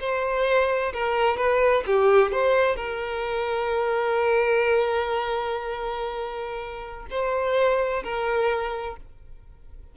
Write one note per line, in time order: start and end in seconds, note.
0.00 0.93 C5
0.93 1.37 A#4
1.37 1.84 B4
1.86 2.32 G4
2.32 2.76 C5
2.76 7.06 A#4
7.10 8.03 C5
8.04 8.97 A#4